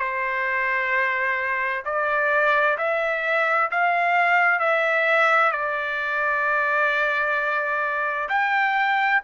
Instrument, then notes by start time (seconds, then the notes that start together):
trumpet
0.00 C5
1.85 D5
2.78 E5
3.72 F5
4.60 E5
5.52 D5
8.30 G5